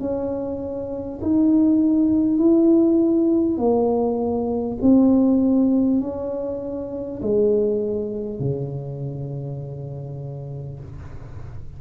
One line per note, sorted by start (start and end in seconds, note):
0.00 1.20 C#4
1.22 2.38 D#4
2.38 3.58 E4
3.58 4.78 A#3
4.82 6.01 C4
6.01 7.21 C#4
7.22 8.40 G#3
8.40 10.80 C#3